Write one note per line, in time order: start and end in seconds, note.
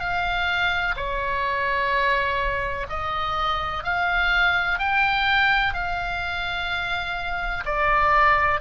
0.00 0.95 F5
0.97 2.87 C#5
2.90 3.84 D#5
3.84 4.79 F5
4.79 5.74 G5
5.74 7.65 F5
7.65 8.61 D5